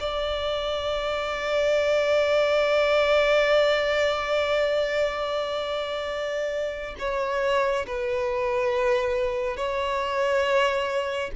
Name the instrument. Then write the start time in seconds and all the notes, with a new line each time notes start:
violin
0.00 D5
6.99 C#5
7.87 B4
9.57 C#5